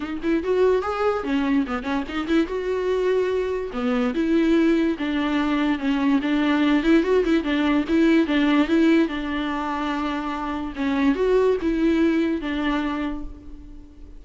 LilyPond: \new Staff \with { instrumentName = "viola" } { \time 4/4 \tempo 4 = 145 dis'8 e'8 fis'4 gis'4 cis'4 | b8 cis'8 dis'8 e'8 fis'2~ | fis'4 b4 e'2 | d'2 cis'4 d'4~ |
d'8 e'8 fis'8 e'8 d'4 e'4 | d'4 e'4 d'2~ | d'2 cis'4 fis'4 | e'2 d'2 | }